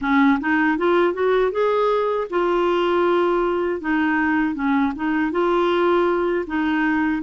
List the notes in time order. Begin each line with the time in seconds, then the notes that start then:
0.01 C#4
0.40 D#4
0.77 F4
1.13 F#4
1.51 G#4
2.30 F4
3.80 D#4
4.54 C#4
4.95 D#4
5.31 F4
6.46 D#4